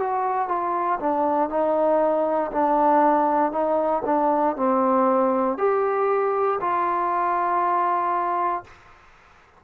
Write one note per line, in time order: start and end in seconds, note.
0.00 0.49 F#4
0.49 0.99 F4
1.00 1.50 D4
1.50 2.51 D#4
2.52 3.52 D4
3.52 4.03 D#4
4.06 4.57 D4
4.57 5.58 C4
5.58 6.60 G4
6.61 8.64 F4